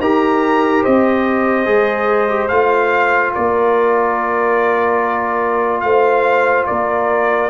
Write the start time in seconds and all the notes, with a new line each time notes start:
0.00 D#4 G4 A#4 A#5
0.83 C4 C5 D#5
1.66 G#3 G#4
2.28 G4
2.48 A3 F4 F5
3.34 A#3 A#4 D5
5.81 A3 C5 F5
6.66 A#3 A#4 D5